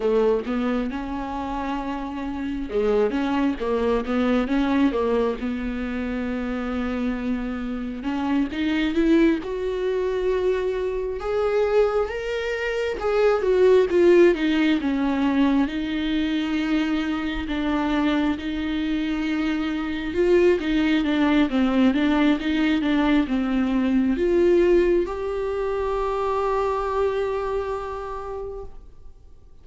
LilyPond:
\new Staff \with { instrumentName = "viola" } { \time 4/4 \tempo 4 = 67 a8 b8 cis'2 gis8 cis'8 | ais8 b8 cis'8 ais8 b2~ | b4 cis'8 dis'8 e'8 fis'4.~ | fis'8 gis'4 ais'4 gis'8 fis'8 f'8 |
dis'8 cis'4 dis'2 d'8~ | d'8 dis'2 f'8 dis'8 d'8 | c'8 d'8 dis'8 d'8 c'4 f'4 | g'1 | }